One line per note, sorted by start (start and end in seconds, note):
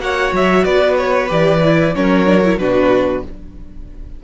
0.00 0.32 A#3
0.00 1.27 F#4
0.00 0.65 C#5
0.00 0.34 F#5
0.33 0.65 F#3
0.33 0.65 E5
0.65 1.30 B3
0.65 1.94 B4
0.65 0.97 D5
0.97 1.30 C#5
1.27 1.96 E3
1.27 1.60 G4
1.27 1.96 D5
1.65 1.95 E4
1.95 2.59 F#3
1.95 2.26 C#4
1.95 2.60 A#4
1.95 2.59 C#5
2.26 2.42 D4
2.44 2.59 E4
2.59 3.23 B2
2.59 3.24 D4
2.59 3.25 F#4
2.59 3.23 B4